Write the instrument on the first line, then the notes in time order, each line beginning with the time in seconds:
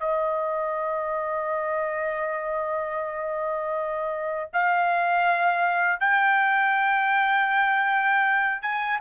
trumpet
0.00 D#5
4.53 F5
6.00 G5
8.62 G#5